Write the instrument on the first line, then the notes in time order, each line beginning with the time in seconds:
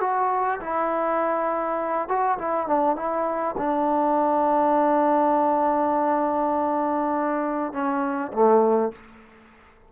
trombone
0.00 F#4
0.60 E4
2.08 F#4
2.38 E4
2.67 D4
2.95 E4
3.58 D4
7.72 C#4
8.32 A3